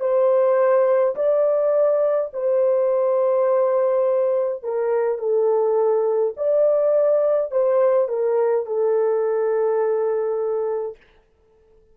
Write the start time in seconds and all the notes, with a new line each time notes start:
0.00 C5
1.16 D5
2.33 C5
4.63 A#4
5.19 A4
6.37 D5
7.51 C5
8.08 A#4
8.66 A4